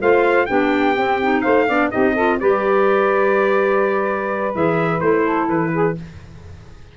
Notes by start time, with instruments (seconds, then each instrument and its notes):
0.00 tuba A3, clarinet F4, saxophone C5, trumpet F5
0.46 tuba B3, clarinet D4, saxophone G4, trumpet G5
0.96 clarinet C4, tuba C4
1.22 clarinet D#4
1.41 tuba A3, saxophone C5, trumpet F5
1.67 tuba B3, clarinet D4, saxophone D5
1.90 tuba C4, clarinet D#4, saxophone G4, trumpet D#5
2.14 clarinet F4, saxophone A4
2.40 tuba G3, clarinet G4, saxophone B4, trumpet D5
4.54 tuba E3, clarinet G#4, trumpet E5
5.00 tuba A3, clarinet E4, trumpet C5
5.23 saxophone A4
5.49 tuba E3, trumpet B4
5.73 saxophone G#4